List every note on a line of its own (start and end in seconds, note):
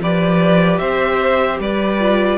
0.00 0.80 F3
0.00 2.00 G4
0.00 0.80 B4
0.00 0.79 D5
0.79 1.60 C4
0.79 1.60 C5
0.79 1.59 E5
1.60 2.39 G3
1.60 2.39 B4
1.60 2.39 D5
2.00 2.39 F4